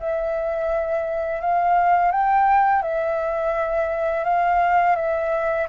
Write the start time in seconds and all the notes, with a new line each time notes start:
0.00 E5
1.41 F5
2.12 G5
2.82 E5
4.25 F5
4.96 E5